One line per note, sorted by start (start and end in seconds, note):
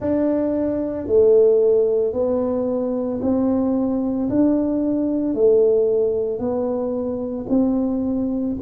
0.00 1.07 D4
1.07 2.13 A3
2.13 3.20 B3
3.21 4.29 C4
4.29 5.34 D4
5.34 6.38 A3
6.38 7.46 B3
7.49 8.56 C4